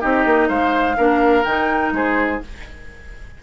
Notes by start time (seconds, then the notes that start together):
0.00 C4 D#4 G4 D#5
0.25 A#3
0.48 G#3 C5 F5
0.97 A#3 D4 A#4
1.44 D#3 D#4 G5
1.92 G#3 G#4 C5